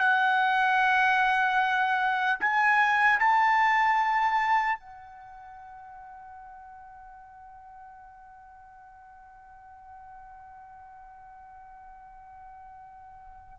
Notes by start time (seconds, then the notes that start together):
0.00 F#5
2.41 G#5
3.20 A5
4.80 F#5